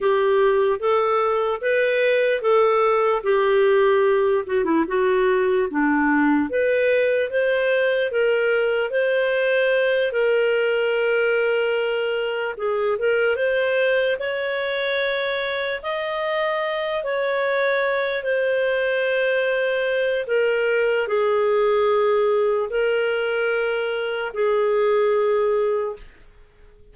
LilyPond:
\new Staff \with { instrumentName = "clarinet" } { \time 4/4 \tempo 4 = 74 g'4 a'4 b'4 a'4 | g'4. fis'16 e'16 fis'4 d'4 | b'4 c''4 ais'4 c''4~ | c''8 ais'2. gis'8 |
ais'8 c''4 cis''2 dis''8~ | dis''4 cis''4. c''4.~ | c''4 ais'4 gis'2 | ais'2 gis'2 | }